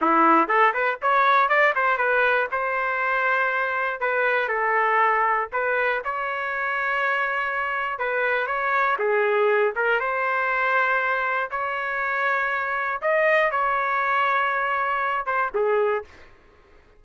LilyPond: \new Staff \with { instrumentName = "trumpet" } { \time 4/4 \tempo 4 = 120 e'4 a'8 b'8 cis''4 d''8 c''8 | b'4 c''2. | b'4 a'2 b'4 | cis''1 |
b'4 cis''4 gis'4. ais'8 | c''2. cis''4~ | cis''2 dis''4 cis''4~ | cis''2~ cis''8 c''8 gis'4 | }